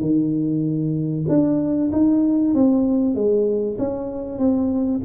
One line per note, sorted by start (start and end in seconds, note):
0.00 1.25 D#3
1.28 1.90 D4
1.91 2.54 D#4
2.54 3.14 C4
3.14 3.77 G#3
3.78 4.38 C#4
4.38 5.01 C4